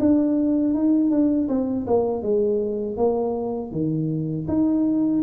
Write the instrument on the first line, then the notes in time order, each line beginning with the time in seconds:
tuba
0.00 D4
0.74 D#4
1.11 D4
1.49 C4
1.88 A#3
2.23 G#3
2.97 A#3
3.72 D#3
4.48 D#4